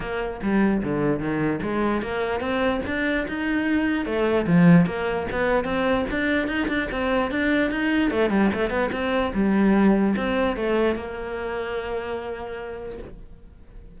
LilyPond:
\new Staff \with { instrumentName = "cello" } { \time 4/4 \tempo 4 = 148 ais4 g4 d4 dis4 | gis4 ais4 c'4 d'4 | dis'2 a4 f4 | ais4 b4 c'4 d'4 |
dis'8 d'8 c'4 d'4 dis'4 | a8 g8 a8 b8 c'4 g4~ | g4 c'4 a4 ais4~ | ais1 | }